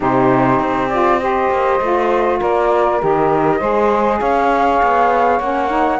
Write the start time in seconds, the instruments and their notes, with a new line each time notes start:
0.00 cello C3, saxophone D#4 G4, flute C5
0.59 cello C4
0.88 saxophone F4, flute D5
1.19 saxophone G4 C5, flute D#5
1.50 cello A#3
1.80 cello A3, saxophone F4
2.39 cello A#3, saxophone A#4, flute D5
3.00 cello D#3, saxophone G4, flute D#5
3.58 cello G#3, saxophone G#4 C5
4.19 cello C#4, saxophone C#5, flute F5
4.82 cello B3
5.39 cello A#3, saxophone C#4, flute F#5
5.69 saxophone D#4